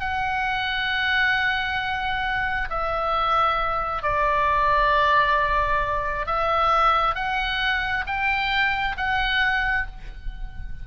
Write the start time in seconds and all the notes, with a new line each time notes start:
0.00 F#5
2.70 E5
4.03 D5
6.26 E5
7.15 F#5
8.07 G5
8.97 F#5